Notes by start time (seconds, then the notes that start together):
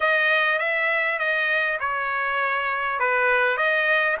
0.00 D#5
0.58 E5
1.18 D#5
1.79 C#5
2.99 B4
3.57 D#5